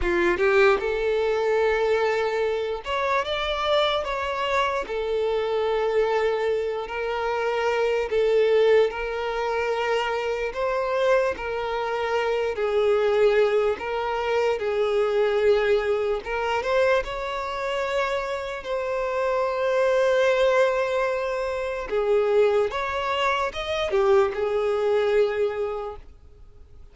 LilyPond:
\new Staff \with { instrumentName = "violin" } { \time 4/4 \tempo 4 = 74 f'8 g'8 a'2~ a'8 cis''8 | d''4 cis''4 a'2~ | a'8 ais'4. a'4 ais'4~ | ais'4 c''4 ais'4. gis'8~ |
gis'4 ais'4 gis'2 | ais'8 c''8 cis''2 c''4~ | c''2. gis'4 | cis''4 dis''8 g'8 gis'2 | }